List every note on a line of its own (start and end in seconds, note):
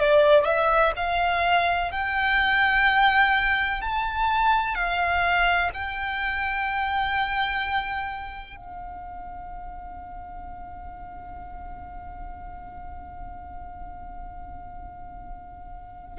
0.00 0.45 D5
0.45 0.93 E5
0.97 1.92 F5
1.92 3.81 G5
3.81 4.75 A5
4.75 5.71 F5
5.74 8.57 G5
8.57 16.19 F5